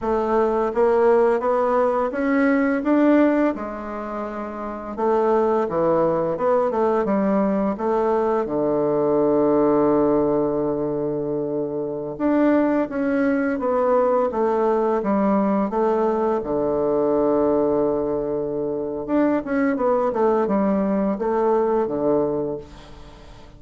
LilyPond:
\new Staff \with { instrumentName = "bassoon" } { \time 4/4 \tempo 4 = 85 a4 ais4 b4 cis'4 | d'4 gis2 a4 | e4 b8 a8 g4 a4 | d1~ |
d4~ d16 d'4 cis'4 b8.~ | b16 a4 g4 a4 d8.~ | d2. d'8 cis'8 | b8 a8 g4 a4 d4 | }